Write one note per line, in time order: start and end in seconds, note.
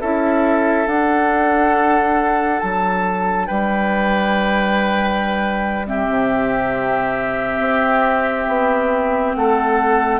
0.00 0.86 C#4
0.00 0.87 E4
0.00 3.47 A4
0.00 0.87 E5
0.86 2.60 D4
0.86 5.86 D4
0.86 2.60 F#5
2.60 3.49 F#3
2.60 3.46 A5
3.46 6.09 G3
3.46 5.86 B4
3.46 5.85 G5
5.86 10.20 C4
5.86 9.36 G4
5.86 9.35 E5
6.09 7.59 C3
7.59 8.46 C4
8.47 9.34 B3
9.35 10.20 A3
9.35 10.20 A4
9.35 10.20 F#5